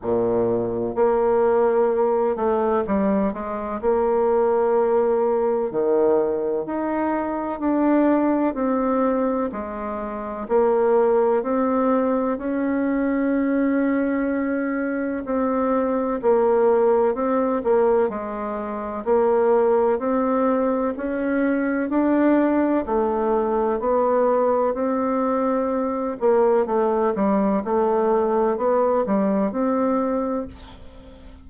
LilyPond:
\new Staff \with { instrumentName = "bassoon" } { \time 4/4 \tempo 4 = 63 ais,4 ais4. a8 g8 gis8 | ais2 dis4 dis'4 | d'4 c'4 gis4 ais4 | c'4 cis'2. |
c'4 ais4 c'8 ais8 gis4 | ais4 c'4 cis'4 d'4 | a4 b4 c'4. ais8 | a8 g8 a4 b8 g8 c'4 | }